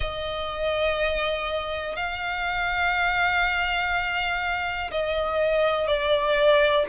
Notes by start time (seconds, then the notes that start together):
0.00 D#5
1.95 F5
4.91 D#5
5.87 D5